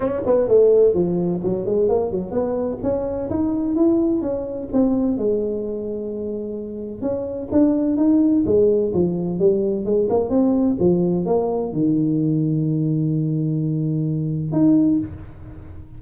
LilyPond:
\new Staff \with { instrumentName = "tuba" } { \time 4/4 \tempo 4 = 128 cis'8 b8 a4 f4 fis8 gis8 | ais8 fis8 b4 cis'4 dis'4 | e'4 cis'4 c'4 gis4~ | gis2. cis'4 |
d'4 dis'4 gis4 f4 | g4 gis8 ais8 c'4 f4 | ais4 dis2.~ | dis2. dis'4 | }